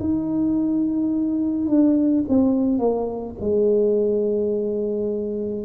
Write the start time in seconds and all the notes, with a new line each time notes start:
0.00 D#4
1.68 D4
2.28 C4
2.78 A#3
3.40 G#3